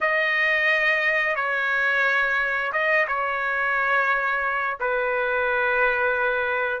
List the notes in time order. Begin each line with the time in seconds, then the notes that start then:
0.00 D#5
1.35 C#5
2.72 D#5
3.07 C#5
4.79 B4